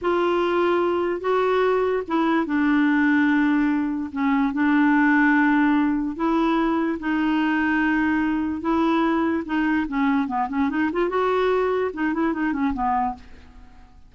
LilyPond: \new Staff \with { instrumentName = "clarinet" } { \time 4/4 \tempo 4 = 146 f'2. fis'4~ | fis'4 e'4 d'2~ | d'2 cis'4 d'4~ | d'2. e'4~ |
e'4 dis'2.~ | dis'4 e'2 dis'4 | cis'4 b8 cis'8 dis'8 f'8 fis'4~ | fis'4 dis'8 e'8 dis'8 cis'8 b4 | }